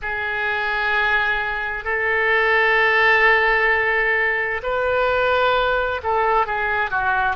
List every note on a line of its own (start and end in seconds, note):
0.02 1.84 G#4
1.84 4.61 A4
4.62 6.01 B4
6.03 6.46 A4
6.46 6.90 G#4
6.90 7.36 F#4